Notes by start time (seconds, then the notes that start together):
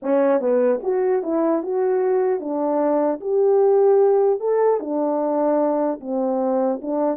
0.02 C#4
0.40 B3
0.82 F#4
1.23 E4
1.63 F#4
2.39 D4
3.20 G4
4.39 A4
4.80 D4
6.00 C4
6.81 D4